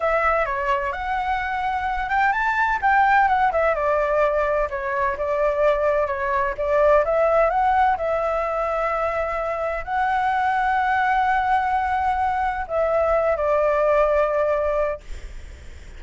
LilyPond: \new Staff \with { instrumentName = "flute" } { \time 4/4 \tempo 4 = 128 e''4 cis''4 fis''2~ | fis''8 g''8 a''4 g''4 fis''8 e''8 | d''2 cis''4 d''4~ | d''4 cis''4 d''4 e''4 |
fis''4 e''2.~ | e''4 fis''2.~ | fis''2. e''4~ | e''8 d''2.~ d''8 | }